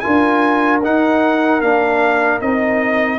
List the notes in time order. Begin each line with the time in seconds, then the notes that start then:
0.00 F4 A#4 G#5
0.06 D4
0.83 D#4 F#5
1.61 A#3 D4 F5
2.41 C4 D#4 D#5